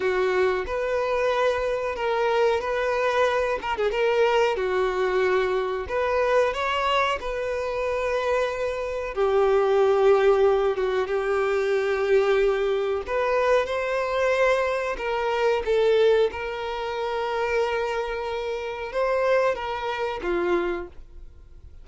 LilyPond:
\new Staff \with { instrumentName = "violin" } { \time 4/4 \tempo 4 = 92 fis'4 b'2 ais'4 | b'4. ais'16 gis'16 ais'4 fis'4~ | fis'4 b'4 cis''4 b'4~ | b'2 g'2~ |
g'8 fis'8 g'2. | b'4 c''2 ais'4 | a'4 ais'2.~ | ais'4 c''4 ais'4 f'4 | }